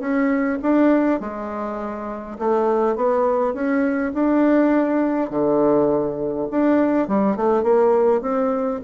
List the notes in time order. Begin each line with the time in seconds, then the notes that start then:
0.00 C#4
0.62 D4
1.20 G#3
2.39 A3
2.96 B3
3.54 C#4
4.14 D4
5.30 D3
6.51 D4
7.08 G3
7.36 A3
7.63 A#3
8.22 C4